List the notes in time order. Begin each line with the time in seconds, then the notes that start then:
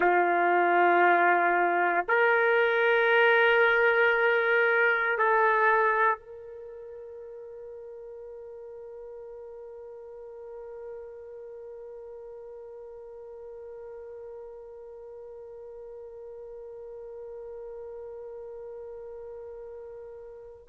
0.00 F4
2.08 A#4
5.18 A4
6.18 A#4